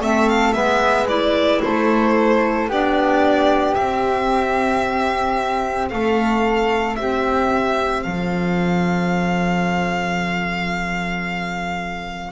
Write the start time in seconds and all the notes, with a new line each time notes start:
0.00 A3 C4 A4 E5
0.29 F5
0.52 G#3 B3 B4 E5
1.08 E4 D5
1.62 A3 A4 C5
2.68 B3 D4 G4 D5
3.74 C4 E5
5.89 A3 A4 F5
6.96 C4 G4 E5
8.03 F3 A4 F5